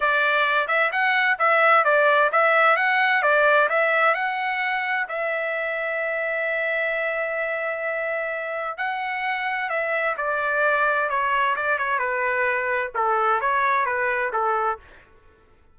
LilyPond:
\new Staff \with { instrumentName = "trumpet" } { \time 4/4 \tempo 4 = 130 d''4. e''8 fis''4 e''4 | d''4 e''4 fis''4 d''4 | e''4 fis''2 e''4~ | e''1~ |
e''2. fis''4~ | fis''4 e''4 d''2 | cis''4 d''8 cis''8 b'2 | a'4 cis''4 b'4 a'4 | }